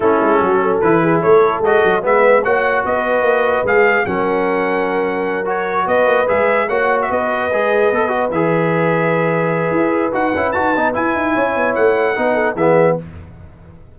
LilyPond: <<
  \new Staff \with { instrumentName = "trumpet" } { \time 4/4 \tempo 4 = 148 a'2 b'4 cis''4 | dis''4 e''4 fis''4 dis''4~ | dis''4 f''4 fis''2~ | fis''4. cis''4 dis''4 e''8~ |
e''8 fis''8. e''16 dis''2~ dis''8~ | dis''8 e''2.~ e''8~ | e''4 fis''4 a''4 gis''4~ | gis''4 fis''2 e''4 | }
  \new Staff \with { instrumentName = "horn" } { \time 4/4 e'4 fis'8 a'4 gis'8 a'4~ | a'4 b'4 cis''4 b'4~ | b'2 ais'2~ | ais'2~ ais'8 b'4.~ |
b'8 cis''4 b'2~ b'8~ | b'1~ | b'1 | cis''2 b'8 a'8 gis'4 | }
  \new Staff \with { instrumentName = "trombone" } { \time 4/4 cis'2 e'2 | fis'4 b4 fis'2~ | fis'4 gis'4 cis'2~ | cis'4. fis'2 gis'8~ |
gis'8 fis'2 gis'4 a'8 | fis'8 gis'2.~ gis'8~ | gis'4 fis'8 e'8 fis'8 dis'8 e'4~ | e'2 dis'4 b4 | }
  \new Staff \with { instrumentName = "tuba" } { \time 4/4 a8 gis8 fis4 e4 a4 | gis8 fis8 gis4 ais4 b4 | ais4 gis4 fis2~ | fis2~ fis8 b8 ais8 gis8~ |
gis8 ais4 b4 gis4 b8~ | b8 e2.~ e8 | e'4 dis'8 cis'8 dis'8 b8 e'8 dis'8 | cis'8 b8 a4 b4 e4 | }
>>